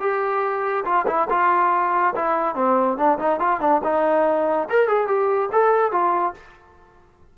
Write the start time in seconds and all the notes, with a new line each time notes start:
0.00 G4
0.85 F4
1.07 E4
1.30 F4
2.16 E4
2.55 C4
2.98 D4
3.19 D#4
3.40 F4
3.60 D4
3.84 D#4
4.69 A#4
4.88 G#4
5.08 G4
5.53 A4
5.92 F4